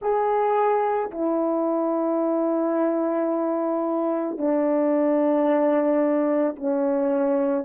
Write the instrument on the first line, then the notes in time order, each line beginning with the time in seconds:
horn
0.01 G#4
1.11 E4
4.37 D4
6.56 C#4